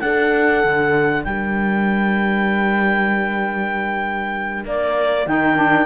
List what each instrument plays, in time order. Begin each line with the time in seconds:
0.00 cello D4, saxophone D4, horn A4, clarinet F#5
0.64 cello D3
1.24 cello G3, horn A#4, clarinet G5
4.65 cello A#3, clarinet D5
5.26 cello D#3, saxophone D#4, clarinet G5
5.56 saxophone D4